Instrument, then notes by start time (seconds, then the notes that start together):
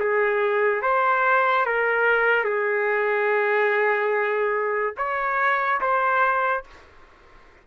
trumpet
0.00 G#4
0.82 C5
1.66 A#4
2.45 G#4
4.97 C#5
5.81 C5